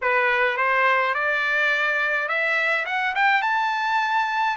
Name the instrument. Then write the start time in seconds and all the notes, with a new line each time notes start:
trumpet
0.01 B4
0.57 C5
1.14 D5
2.28 E5
2.85 F#5
3.15 G5
3.42 A5